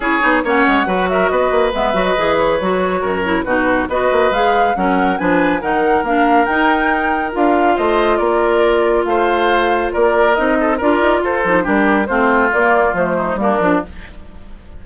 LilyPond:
<<
  \new Staff \with { instrumentName = "flute" } { \time 4/4 \tempo 4 = 139 cis''4 fis''4. e''8 dis''4 | e''8. dis''8. cis''2~ cis''8 | b'4 dis''4 f''4 fis''4 | gis''4 fis''4 f''4 g''4~ |
g''4 f''4 dis''4 d''4~ | d''4 f''2 d''4 | dis''4 d''4 c''4 ais'4 | c''4 d''4 c''4 ais'4 | }
  \new Staff \with { instrumentName = "oboe" } { \time 4/4 gis'4 cis''4 b'8 ais'8 b'4~ | b'2. ais'4 | fis'4 b'2 ais'4 | b'4 ais'2.~ |
ais'2 c''4 ais'4~ | ais'4 c''2 ais'4~ | ais'8 a'8 ais'4 a'4 g'4 | f'2~ f'8 dis'8 d'4 | }
  \new Staff \with { instrumentName = "clarinet" } { \time 4/4 e'8 dis'8 cis'4 fis'2 | b8 fis'8 gis'4 fis'4. e'8 | dis'4 fis'4 gis'4 cis'4 | d'4 dis'4 d'4 dis'4~ |
dis'4 f'2.~ | f'1 | dis'4 f'4. dis'8 d'4 | c'4 ais4 a4 ais8 d'8 | }
  \new Staff \with { instrumentName = "bassoon" } { \time 4/4 cis'8 b8 ais8 gis8 fis4 b8 ais8 | gis8 fis8 e4 fis4 fis,4 | b,4 b8 ais8 gis4 fis4 | f4 dis4 ais4 dis'4~ |
dis'4 d'4 a4 ais4~ | ais4 a2 ais4 | c'4 d'8 dis'8 f'8 f8 g4 | a4 ais4 f4 g8 f8 | }
>>